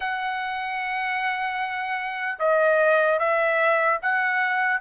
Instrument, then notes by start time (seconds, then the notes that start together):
trumpet
0.00 F#5
2.39 D#5
3.19 E5
4.01 F#5